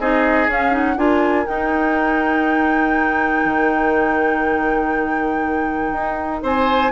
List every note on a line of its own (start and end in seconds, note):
0.00 0.48 C4
0.00 0.49 D#4
0.00 0.98 G#4
0.00 0.50 D#5
0.48 0.97 C#4
0.48 0.71 C#4
0.48 0.76 F5
0.71 0.96 D#4
0.71 0.99 F#5
0.97 1.46 D4
0.97 1.46 F4
0.97 6.43 A#4
0.97 1.47 G#5
1.47 6.92 D#4
1.47 3.45 D#4
1.47 6.43 G5
3.45 5.93 D#3
5.93 6.42 D#4
6.43 6.92 C4
6.43 6.92 C5
6.43 6.92 G#5